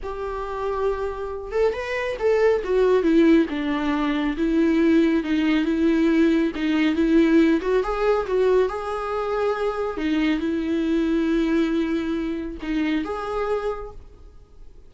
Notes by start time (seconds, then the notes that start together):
0.02 G4
1.51 A4
1.73 B4
2.19 A4
2.64 F#4
3.02 E4
3.49 D4
4.37 E4
5.23 D#4
5.64 E4
6.55 D#4
6.95 E4
7.61 F#4
7.83 G#4
8.26 F#4
8.69 G#4
9.97 D#4
10.39 E4
12.62 D#4
13.04 G#4